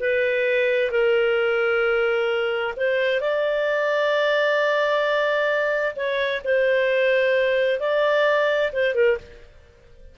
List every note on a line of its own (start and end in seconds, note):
0.00 0.91 B4
0.91 2.74 A#4
2.77 3.21 C5
3.21 5.96 D5
5.96 6.42 C#5
6.44 7.80 C5
7.80 8.71 D5
8.73 8.95 C5
8.95 9.18 A#4